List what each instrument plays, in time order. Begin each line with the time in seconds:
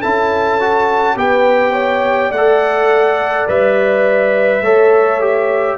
0.00 tuba C#4, trombone E4, horn A4, trumpet A5
0.60 trombone F#4
1.16 tuba B3, trombone G4, horn B4, trumpet G5
1.72 horn C#5
2.29 tuba A3, horn D5, trumpet F#5
2.37 trombone A4
3.48 tuba G3, trombone B4, trumpet E5
4.61 tuba A3, trombone A4, horn C#5
5.20 trombone G4